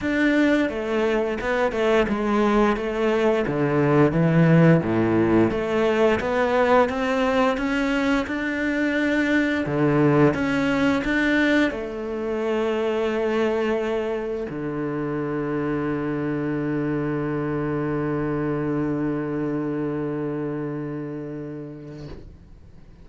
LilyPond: \new Staff \with { instrumentName = "cello" } { \time 4/4 \tempo 4 = 87 d'4 a4 b8 a8 gis4 | a4 d4 e4 a,4 | a4 b4 c'4 cis'4 | d'2 d4 cis'4 |
d'4 a2.~ | a4 d2.~ | d1~ | d1 | }